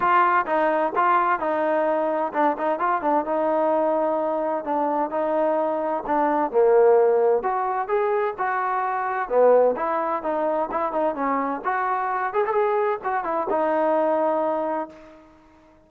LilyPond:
\new Staff \with { instrumentName = "trombone" } { \time 4/4 \tempo 4 = 129 f'4 dis'4 f'4 dis'4~ | dis'4 d'8 dis'8 f'8 d'8 dis'4~ | dis'2 d'4 dis'4~ | dis'4 d'4 ais2 |
fis'4 gis'4 fis'2 | b4 e'4 dis'4 e'8 dis'8 | cis'4 fis'4. gis'16 a'16 gis'4 | fis'8 e'8 dis'2. | }